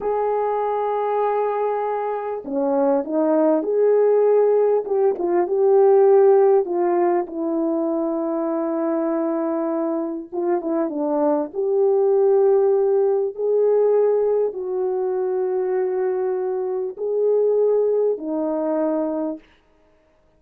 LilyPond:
\new Staff \with { instrumentName = "horn" } { \time 4/4 \tempo 4 = 99 gis'1 | cis'4 dis'4 gis'2 | g'8 f'8 g'2 f'4 | e'1~ |
e'4 f'8 e'8 d'4 g'4~ | g'2 gis'2 | fis'1 | gis'2 dis'2 | }